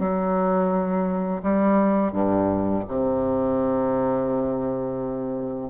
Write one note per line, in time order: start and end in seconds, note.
0.00 1.43 F#3
1.43 2.13 G3
2.13 2.84 G2
2.88 5.70 C3